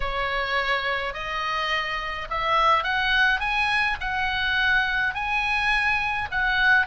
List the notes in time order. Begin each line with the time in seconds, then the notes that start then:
0.00 C#5
1.13 D#5
2.30 E5
2.83 F#5
3.39 G#5
4.00 F#5
5.14 G#5
6.31 F#5